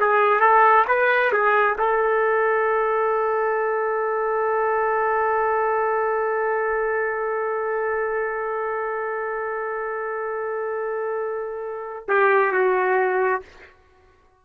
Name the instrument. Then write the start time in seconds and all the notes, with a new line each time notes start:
trumpet
0.00 G#4
0.40 A4
0.88 B4
1.32 G#4
1.78 A4
12.08 G4
12.53 F#4